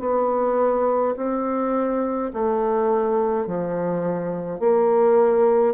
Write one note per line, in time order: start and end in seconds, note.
0.00 1.15 B3
1.17 2.32 C4
2.34 3.47 A3
3.47 4.60 F3
4.60 5.75 A#3